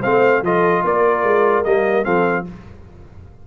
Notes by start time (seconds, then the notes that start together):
0.00 A3 C4 C5 F5
0.42 F3 F4 A4 D#5
0.84 A#3 A#4 D5
1.23 G#3
1.64 G3 A#3 D#5
2.04 F3 C4 A4 F5